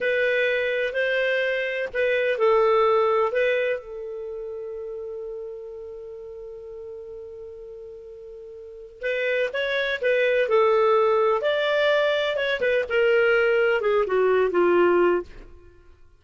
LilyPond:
\new Staff \with { instrumentName = "clarinet" } { \time 4/4 \tempo 4 = 126 b'2 c''2 | b'4 a'2 b'4 | a'1~ | a'1~ |
a'2. b'4 | cis''4 b'4 a'2 | d''2 cis''8 b'8 ais'4~ | ais'4 gis'8 fis'4 f'4. | }